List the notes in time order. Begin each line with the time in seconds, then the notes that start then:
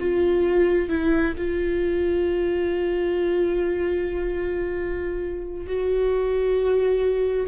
0.00 F4
0.89 E4
1.38 F4
5.67 F#4